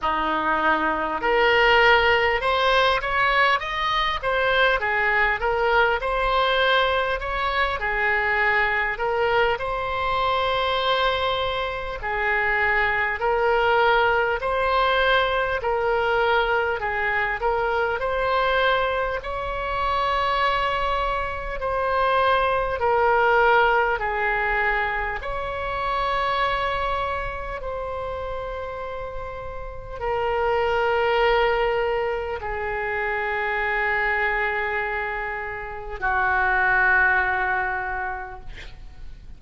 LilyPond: \new Staff \with { instrumentName = "oboe" } { \time 4/4 \tempo 4 = 50 dis'4 ais'4 c''8 cis''8 dis''8 c''8 | gis'8 ais'8 c''4 cis''8 gis'4 ais'8 | c''2 gis'4 ais'4 | c''4 ais'4 gis'8 ais'8 c''4 |
cis''2 c''4 ais'4 | gis'4 cis''2 c''4~ | c''4 ais'2 gis'4~ | gis'2 fis'2 | }